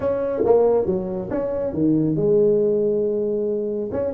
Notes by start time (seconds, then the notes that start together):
0.00 C#4
0.44 A#3
0.86 F#3
1.30 C#4
1.73 D#3
2.16 G#3
3.92 C#4